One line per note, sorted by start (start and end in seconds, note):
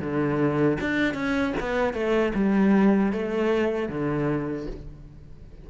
0.00 0.78 D3
0.80 1.14 D4
1.14 1.53 C#4
1.60 1.93 B3
1.93 2.32 A3
2.34 3.12 G3
3.12 3.89 A3
3.89 4.66 D3